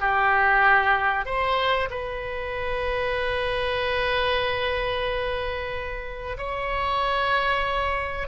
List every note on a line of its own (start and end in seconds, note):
0.00 1.25 G4
1.25 1.89 C5
1.90 6.37 B4
6.38 8.28 C#5